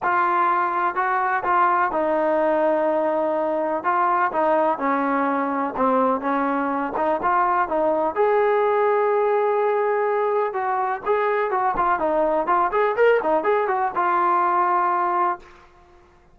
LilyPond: \new Staff \with { instrumentName = "trombone" } { \time 4/4 \tempo 4 = 125 f'2 fis'4 f'4 | dis'1 | f'4 dis'4 cis'2 | c'4 cis'4. dis'8 f'4 |
dis'4 gis'2.~ | gis'2 fis'4 gis'4 | fis'8 f'8 dis'4 f'8 gis'8 ais'8 dis'8 | gis'8 fis'8 f'2. | }